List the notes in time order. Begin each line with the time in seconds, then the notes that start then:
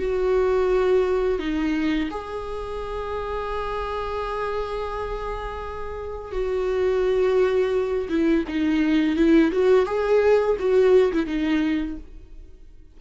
0.00 F#4
1.39 D#4
2.11 G#4
6.32 F#4
8.10 E4
8.48 D#4
9.16 E4
9.52 F#4
9.86 G#4
10.60 F#4
11.13 E4
11.27 D#4